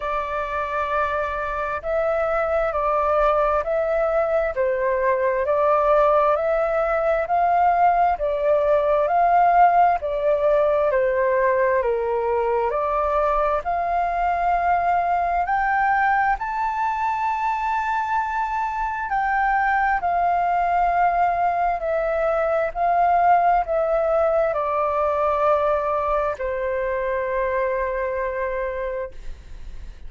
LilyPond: \new Staff \with { instrumentName = "flute" } { \time 4/4 \tempo 4 = 66 d''2 e''4 d''4 | e''4 c''4 d''4 e''4 | f''4 d''4 f''4 d''4 | c''4 ais'4 d''4 f''4~ |
f''4 g''4 a''2~ | a''4 g''4 f''2 | e''4 f''4 e''4 d''4~ | d''4 c''2. | }